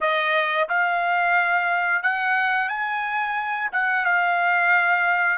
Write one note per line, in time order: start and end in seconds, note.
0.01 0.68 D#5
0.69 2.02 F5
2.02 2.68 F#5
2.68 3.70 G#5
3.72 4.04 F#5
4.04 5.38 F5